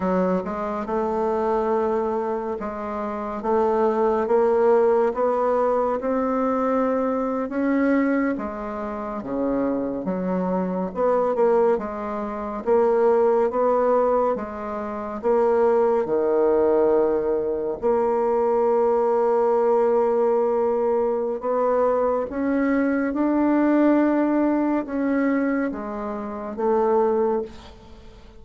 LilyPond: \new Staff \with { instrumentName = "bassoon" } { \time 4/4 \tempo 4 = 70 fis8 gis8 a2 gis4 | a4 ais4 b4 c'4~ | c'8. cis'4 gis4 cis4 fis16~ | fis8. b8 ais8 gis4 ais4 b16~ |
b8. gis4 ais4 dis4~ dis16~ | dis8. ais2.~ ais16~ | ais4 b4 cis'4 d'4~ | d'4 cis'4 gis4 a4 | }